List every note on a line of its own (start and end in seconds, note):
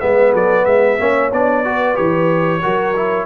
0.00 0.34 G#3
0.00 0.98 B3
0.00 0.32 B4
0.00 0.33 E5
0.32 0.66 F#3
0.32 0.64 A4
0.32 0.65 D5
0.65 0.98 G#3
0.65 0.99 B4
0.65 1.30 E5
0.98 1.32 A#3
0.98 1.31 C#4
0.98 1.66 C#5
1.32 1.97 B3
1.32 1.64 D4
1.32 1.96 D5
1.64 1.95 F#4
1.64 2.62 B4
1.95 2.63 E3
1.95 2.60 G4
1.95 3.26 C#5
2.62 3.26 F#3
2.62 2.94 F#4
2.62 3.26 A#4
2.96 3.26 E4